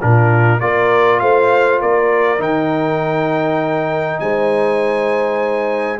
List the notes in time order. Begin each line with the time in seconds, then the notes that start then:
0.00 A#2 D4 F4 A#4
0.60 A#3 F4 A#4 D5
1.19 A3 C5 F5
1.81 A#3 A#4 D5
2.38 D#3 D#4 G5
4.20 G#3 C5 G#5